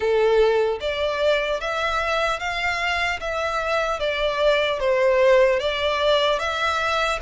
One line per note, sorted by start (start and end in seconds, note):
0.00 0.79 A4
0.80 1.60 D5
1.60 2.39 E5
2.39 3.19 F5
3.20 3.99 E5
3.99 4.79 D5
4.79 5.59 C5
5.59 6.39 D5
6.39 7.19 E5